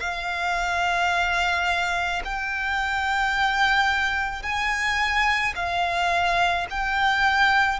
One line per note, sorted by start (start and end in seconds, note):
0.00 2.22 F5
2.25 4.42 G5
4.42 5.54 G#5
5.56 6.67 F5
6.70 7.79 G5